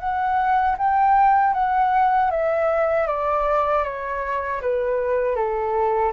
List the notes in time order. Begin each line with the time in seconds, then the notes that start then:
0.00 F#5
0.78 G5
1.54 F#5
2.31 E5
3.07 D5
3.85 C#5
4.62 B4
5.36 A4